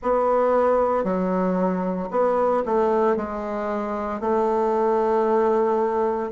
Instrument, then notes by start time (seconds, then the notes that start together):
bassoon
0.02 B3
1.03 F#3
2.11 B3
2.65 A3
3.16 G#3
4.20 A3